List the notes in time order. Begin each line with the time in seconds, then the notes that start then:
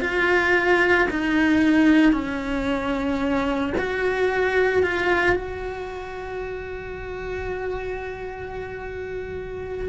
0.00 F4
1.10 D#4
2.12 C#4
3.77 F#4
4.83 F4
5.35 F#4